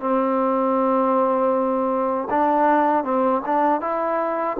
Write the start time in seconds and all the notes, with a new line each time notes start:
0.00 C4
2.30 D4
3.04 C4
3.46 D4
3.81 E4